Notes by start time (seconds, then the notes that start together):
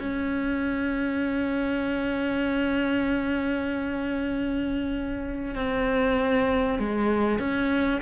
0.00 C#4
5.56 C4
6.79 G#3
7.39 C#4